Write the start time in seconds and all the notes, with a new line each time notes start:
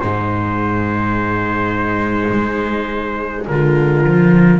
0.00 G#2 G#3 D#4 C5
2.31 G#3
3.47 D3 F4 A#4
4.04 F3